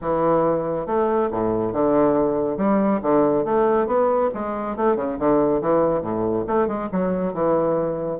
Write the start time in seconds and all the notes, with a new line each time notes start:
0.01 E3
0.86 A3
1.31 A2
1.73 D3
2.57 G3
3.02 D3
3.44 A3
3.87 B3
4.34 G#3
4.76 A3
4.96 C#3
5.18 D3
5.61 E3
6.01 A2
6.47 A3
6.67 G#3
6.91 F#3
7.33 E3